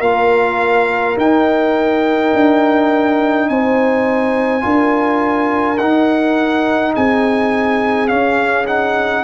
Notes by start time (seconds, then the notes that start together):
0.00 A#3 F4 A#4 F5
1.17 D#4 G5
2.34 D4
3.49 C4 C5 G#5
4.61 D4 F4 A#4
5.78 D#4 F#5
6.95 C4 G#4 G#5
8.08 C#4 F5
8.67 D#4 F#5